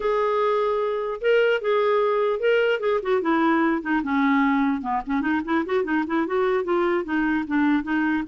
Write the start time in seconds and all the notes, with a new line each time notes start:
0.00 G#4
1.21 A#4
1.61 G#4
2.39 A#4
2.80 G#4
3.02 F#4
3.21 E4
3.81 D#4
4.03 C#4
4.81 B3
5.06 C#4
5.21 D#4
5.44 E4
5.65 F#4
5.84 D#4
6.06 E4
6.26 F#4
6.64 F4
7.04 D#4
7.47 D4
7.83 D#4